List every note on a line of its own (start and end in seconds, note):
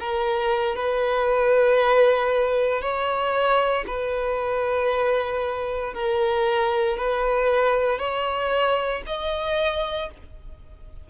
0.00 0.76 A#4
0.76 2.82 B4
2.82 3.86 C#5
3.87 5.94 B4
5.94 6.98 A#4
6.98 7.99 B4
7.99 9.03 C#5
9.07 10.11 D#5